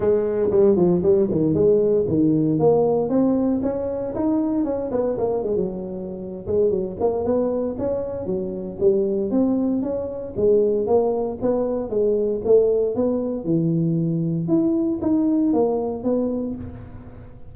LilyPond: \new Staff \with { instrumentName = "tuba" } { \time 4/4 \tempo 4 = 116 gis4 g8 f8 g8 dis8 gis4 | dis4 ais4 c'4 cis'4 | dis'4 cis'8 b8 ais8 gis16 fis4~ fis16~ | fis8 gis8 fis8 ais8 b4 cis'4 |
fis4 g4 c'4 cis'4 | gis4 ais4 b4 gis4 | a4 b4 e2 | e'4 dis'4 ais4 b4 | }